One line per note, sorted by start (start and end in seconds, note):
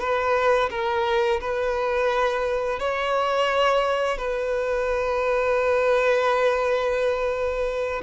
0.00 0.70 B4
0.70 1.40 A#4
1.41 2.80 B4
2.80 4.18 C#5
4.18 8.02 B4